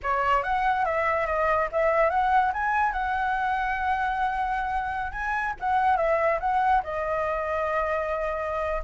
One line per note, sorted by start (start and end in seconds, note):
0.02 0.43 C#5
0.43 0.85 F#5
0.85 1.26 E5
1.26 1.68 D#5
1.71 2.10 E5
2.10 2.52 F#5
2.53 2.92 G#5
2.92 5.12 F#5
5.12 5.54 G#5
5.60 5.96 F#5
5.96 6.38 E5
6.40 6.82 F#5
6.83 8.82 D#5